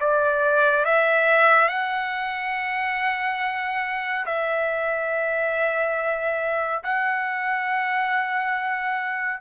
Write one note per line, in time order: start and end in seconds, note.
0.00 0.85 D5
0.85 1.68 E5
1.68 4.25 F#5
4.25 6.83 E5
6.83 9.40 F#5